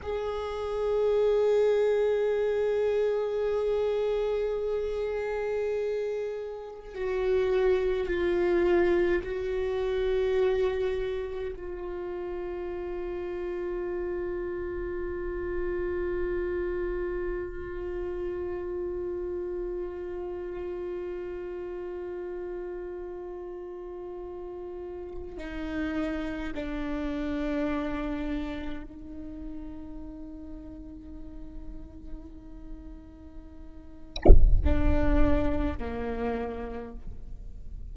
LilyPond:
\new Staff \with { instrumentName = "viola" } { \time 4/4 \tempo 4 = 52 gis'1~ | gis'2 fis'4 f'4 | fis'2 f'2~ | f'1~ |
f'1~ | f'2 dis'4 d'4~ | d'4 dis'2.~ | dis'2 d'4 ais4 | }